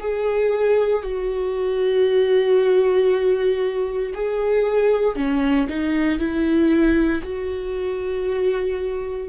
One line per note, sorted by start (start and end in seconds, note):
0.00 1.03 G#4
1.03 4.13 F#4
4.14 5.16 G#4
5.16 5.68 C#4
5.69 6.19 D#4
6.19 7.22 E4
7.23 9.29 F#4